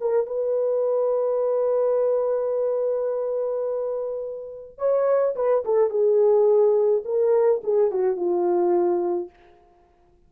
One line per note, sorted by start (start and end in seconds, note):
0.00 0.26 A#4
0.26 4.78 B4
4.78 5.34 C#5
5.35 5.64 B4
5.64 5.90 A4
5.90 7.03 G#4
7.05 7.61 A#4
7.63 7.91 G#4
7.91 8.16 F#4
8.16 9.29 F4